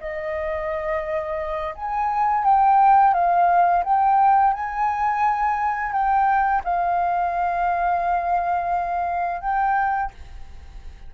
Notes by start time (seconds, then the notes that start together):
0.00 D#5
1.75 G#5
2.44 G5
3.13 F5
3.84 G5
4.53 G#5
5.92 G5
6.64 F5
9.41 G5